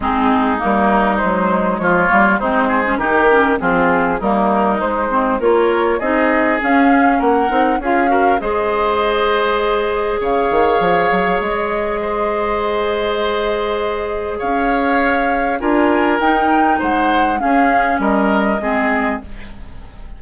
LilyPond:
<<
  \new Staff \with { instrumentName = "flute" } { \time 4/4 \tempo 4 = 100 gis'4 ais'4 c''4 cis''4 | c''4 ais'4 gis'4 ais'4 | c''4 cis''4 dis''4 f''4 | fis''4 f''4 dis''2~ |
dis''4 f''2 dis''4~ | dis''1 | f''2 gis''4 g''4 | fis''4 f''4 dis''2 | }
  \new Staff \with { instrumentName = "oboe" } { \time 4/4 dis'2. f'4 | dis'8 gis'8 g'4 f'4 dis'4~ | dis'4 ais'4 gis'2 | ais'4 gis'8 ais'8 c''2~ |
c''4 cis''2. | c''1 | cis''2 ais'2 | c''4 gis'4 ais'4 gis'4 | }
  \new Staff \with { instrumentName = "clarinet" } { \time 4/4 c'4 ais4 gis4. ais8 | c'8. cis'16 dis'8 cis'8 c'4 ais4 | gis8 c'8 f'4 dis'4 cis'4~ | cis'8 dis'8 f'8 fis'8 gis'2~ |
gis'1~ | gis'1~ | gis'2 f'4 dis'4~ | dis'4 cis'2 c'4 | }
  \new Staff \with { instrumentName = "bassoon" } { \time 4/4 gis4 g4 fis4 f8 g8 | gis4 dis4 f4 g4 | gis4 ais4 c'4 cis'4 | ais8 c'8 cis'4 gis2~ |
gis4 cis8 dis8 f8 fis8 gis4~ | gis1 | cis'2 d'4 dis'4 | gis4 cis'4 g4 gis4 | }
>>